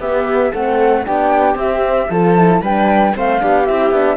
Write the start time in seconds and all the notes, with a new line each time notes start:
0.00 B3 G4 E5
0.52 A3 C4 A4 F#5
1.05 B3 D4 G4 G5
1.56 C4 E5
2.10 F3 F4 A4 A5
2.37 E4
2.62 G3 D4 B4 G5
3.15 A3 C4 C5 F5
3.39 B3 D4 G4
3.66 C4 E4 E5
3.91 B3 D4